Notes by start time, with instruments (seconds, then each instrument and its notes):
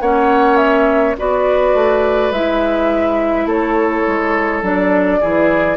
0.00 bassoon A#3, clarinet C#4, oboe C#5, flute F#5
0.56 flute E5
1.17 bassoon B3, clarinet F#4, oboe B4, flute D5
1.74 bassoon A3
2.31 bassoon G#3, clarinet E4, flute E5
3.45 bassoon A3, oboe A4, flute C#5
4.07 bassoon G#3
4.62 bassoon F#3, clarinet D4, flute D5
5.20 bassoon E3, clarinet E4, oboe G#4